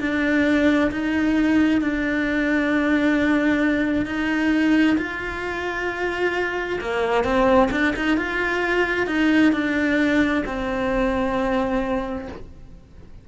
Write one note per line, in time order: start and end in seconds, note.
0.00 0.91 D4
0.91 1.81 D#4
1.81 4.06 D4
4.06 4.97 D#4
4.98 6.80 F4
6.81 7.24 A#3
7.24 7.69 C4
7.71 7.94 D4
7.96 8.17 D#4
8.17 9.07 F4
9.07 9.52 D#4
9.53 10.44 D4
10.46 12.28 C4